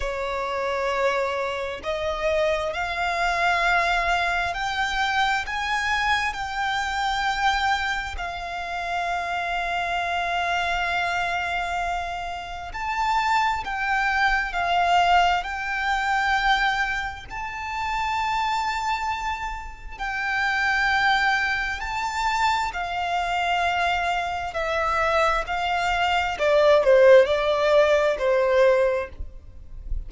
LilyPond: \new Staff \with { instrumentName = "violin" } { \time 4/4 \tempo 4 = 66 cis''2 dis''4 f''4~ | f''4 g''4 gis''4 g''4~ | g''4 f''2.~ | f''2 a''4 g''4 |
f''4 g''2 a''4~ | a''2 g''2 | a''4 f''2 e''4 | f''4 d''8 c''8 d''4 c''4 | }